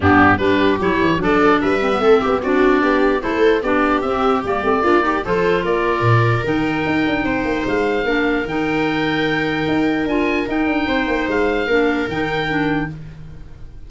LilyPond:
<<
  \new Staff \with { instrumentName = "oboe" } { \time 4/4 \tempo 4 = 149 g'4 b'4 cis''4 d''4 | e''2 d''2 | c''4 d''4 e''4 d''4~ | d''4 c''4 d''2 |
g''2. f''4~ | f''4 g''2.~ | g''4 gis''4 g''2 | f''2 g''2 | }
  \new Staff \with { instrumentName = "viola" } { \time 4/4 d'4 g'2 a'4 | b'4 a'8 g'8 fis'4 g'4 | a'4 g'2. | f'8 g'8 a'4 ais'2~ |
ais'2 c''2 | ais'1~ | ais'2. c''4~ | c''4 ais'2. | }
  \new Staff \with { instrumentName = "clarinet" } { \time 4/4 b4 d'4 e'4 d'4~ | d'8 c'16 b16 c'4 d'2 | e'4 d'4 c'4 ais8 c'8 | d'8 dis'8 f'2. |
dis'1 | d'4 dis'2.~ | dis'4 f'4 dis'2~ | dis'4 d'4 dis'4 d'4 | }
  \new Staff \with { instrumentName = "tuba" } { \time 4/4 g,4 g4 fis8 e8 fis4 | g4 a8 b8 c'4 b4 | a4 b4 c'4 g8 a8 | ais4 f4 ais4 ais,4 |
dis4 dis'8 d'8 c'8 ais8 gis4 | ais4 dis2. | dis'4 d'4 dis'8 d'8 c'8 ais8 | gis4 ais4 dis2 | }
>>